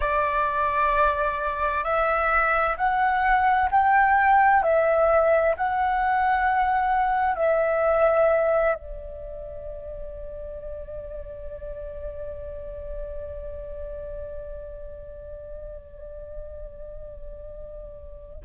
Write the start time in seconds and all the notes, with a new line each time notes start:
0.00 D5
1.83 E5
2.77 F#5
3.71 G5
4.62 E5
5.56 F#5
7.36 E5
8.74 D5